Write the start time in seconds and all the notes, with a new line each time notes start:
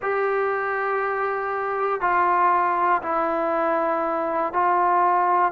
0.02 G4
2.01 F4
3.02 E4
4.53 F4